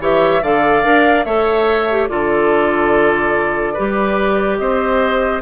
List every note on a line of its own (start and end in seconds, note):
0.00 0.42 E3
0.00 0.43 G4
0.00 0.43 C#5
0.00 0.44 E5
0.42 0.84 D3
0.42 0.84 A4
0.42 1.26 D5
0.42 1.24 F5
0.84 1.25 D4
0.84 1.25 A#4
1.24 2.09 A3
1.24 1.89 A4
1.24 2.09 C#5
1.24 2.08 E5
1.91 2.09 G4
2.08 3.78 D3
2.08 3.76 F4
2.08 3.74 A4
2.08 4.58 D5
3.74 4.60 G3
3.74 5.42 G4
3.74 4.57 B4
4.58 5.42 C4
4.58 5.42 C5
4.58 5.41 D#5